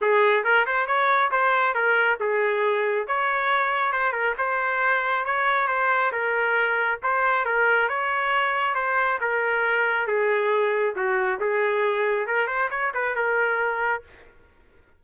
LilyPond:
\new Staff \with { instrumentName = "trumpet" } { \time 4/4 \tempo 4 = 137 gis'4 ais'8 c''8 cis''4 c''4 | ais'4 gis'2 cis''4~ | cis''4 c''8 ais'8 c''2 | cis''4 c''4 ais'2 |
c''4 ais'4 cis''2 | c''4 ais'2 gis'4~ | gis'4 fis'4 gis'2 | ais'8 c''8 cis''8 b'8 ais'2 | }